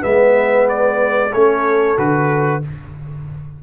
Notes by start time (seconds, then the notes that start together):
0.00 G#3 B3 B4 E5
0.68 D5
1.33 A3 C#4 A4 C#5
1.97 D3 F#4 B4